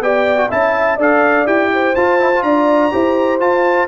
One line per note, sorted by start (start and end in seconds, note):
0.00 0.48 B3
0.00 0.37 G4
0.00 0.49 D5
0.00 0.50 G5
0.37 0.49 F#4
0.49 0.97 C#4
0.49 0.98 E4
0.49 0.96 E5
0.49 0.99 A5
0.96 1.46 D4
0.96 1.45 A4
0.96 1.69 D5
0.96 1.46 F5
1.45 1.94 E4
1.45 1.94 G4
1.45 1.95 G5
1.73 2.45 C5
1.95 2.42 F4
1.95 2.19 F4
1.95 2.43 A5
2.19 2.32 E4
2.35 2.91 F4
2.42 2.91 D4
2.42 2.92 D5
2.42 3.39 A#5
2.91 3.40 E4
2.91 3.39 G4
2.91 3.88 C5
3.39 3.87 F4
3.39 3.88 F4
3.39 3.88 A5